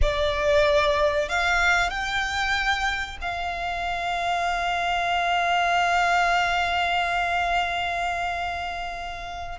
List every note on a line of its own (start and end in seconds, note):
0.01 1.29 D5
1.29 1.90 F5
1.90 3.17 G5
3.21 9.58 F5